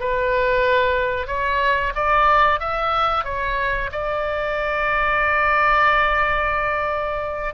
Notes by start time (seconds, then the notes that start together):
0.00 B4
1.27 C#5
1.95 D5
2.60 E5
3.25 C#5
3.92 D5